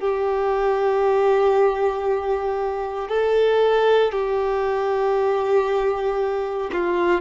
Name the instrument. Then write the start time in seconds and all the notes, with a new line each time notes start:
violin
0.00 G4
3.09 A4
4.12 G4
6.72 F4